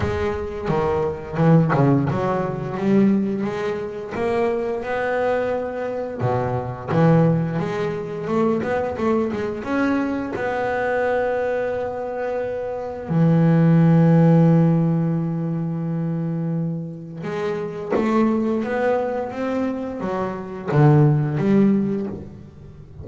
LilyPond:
\new Staff \with { instrumentName = "double bass" } { \time 4/4 \tempo 4 = 87 gis4 dis4 e8 cis8 fis4 | g4 gis4 ais4 b4~ | b4 b,4 e4 gis4 | a8 b8 a8 gis8 cis'4 b4~ |
b2. e4~ | e1~ | e4 gis4 a4 b4 | c'4 fis4 d4 g4 | }